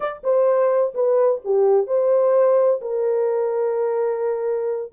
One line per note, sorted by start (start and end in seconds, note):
0.00 0.22 D5
0.23 0.94 C5
0.94 1.41 B4
1.44 1.86 G4
1.86 2.80 C5
2.81 4.92 A#4